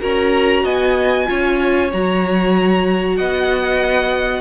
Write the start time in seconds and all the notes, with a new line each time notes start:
0.00 C#4 F#4 A#4 A#5
0.64 B3 D#5 G#5
1.26 C#4 F4 C#5
1.93 F#3 F#4 A#5
3.17 B3 D#5 F#5